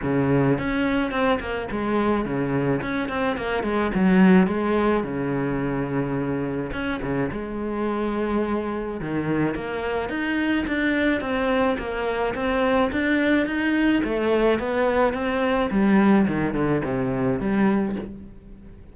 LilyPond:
\new Staff \with { instrumentName = "cello" } { \time 4/4 \tempo 4 = 107 cis4 cis'4 c'8 ais8 gis4 | cis4 cis'8 c'8 ais8 gis8 fis4 | gis4 cis2. | cis'8 cis8 gis2. |
dis4 ais4 dis'4 d'4 | c'4 ais4 c'4 d'4 | dis'4 a4 b4 c'4 | g4 dis8 d8 c4 g4 | }